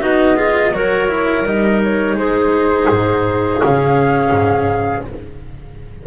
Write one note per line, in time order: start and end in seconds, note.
0.00 0.73 B3
0.00 0.36 D#4
0.00 0.36 F#4
0.00 0.74 D#5
0.36 0.72 F4
0.36 0.72 G#4
0.73 1.45 F#3
0.73 1.09 F#4
0.73 2.18 A#4
0.73 1.46 C#5
1.09 1.45 E4
1.46 2.14 G3
1.46 3.61 D#4
1.46 1.82 D#5
1.83 2.17 C#5
2.14 2.86 G#3
2.14 5.07 G#4
2.14 3.61 C5
2.89 3.62 G#2
3.61 4.31 C#3
3.61 5.05 C#4
3.61 5.06 F5
4.31 5.03 G#2